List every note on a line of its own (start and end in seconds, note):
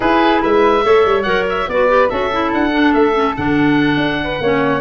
0.00 0.42 E4
0.00 0.81 E4
0.00 0.41 G#4
0.00 0.42 B4
0.41 0.85 G#3
0.41 0.83 B4
0.41 1.22 E5
0.81 1.05 A3
0.81 1.23 A4
0.81 1.69 C#5
1.05 1.25 G3
1.22 1.67 F#3
1.22 1.67 A#4
1.22 1.43 F#5
1.49 1.69 E5
1.67 2.09 B3
1.67 1.88 F#4
1.67 2.10 B4
1.67 2.09 D5
1.88 2.09 G4
2.09 2.52 C#4
2.09 2.31 F#4
2.09 4.20 A4
2.09 2.51 E5
2.32 2.71 E4
2.52 2.94 D4
2.52 2.93 F#5
2.71 3.12 D4
2.93 3.35 A3
2.93 3.35 E5
3.14 3.35 C#4
3.36 3.97 D3
3.36 4.42 D4
3.36 4.81 F#5
3.97 4.38 D4
4.23 4.42 B4
4.40 4.81 A#3
4.40 4.81 C#4
4.40 4.81 C#5